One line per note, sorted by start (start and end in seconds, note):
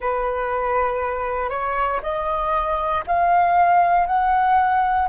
0.00 1.49 B4
1.49 2.00 C#5
2.02 3.04 D#5
3.06 4.06 F5
4.06 5.08 F#5